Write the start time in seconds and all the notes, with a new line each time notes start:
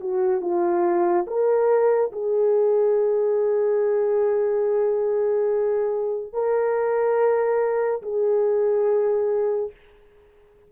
0.00 F#4
0.41 F4
1.27 A#4
2.12 G#4
6.33 A#4
8.02 G#4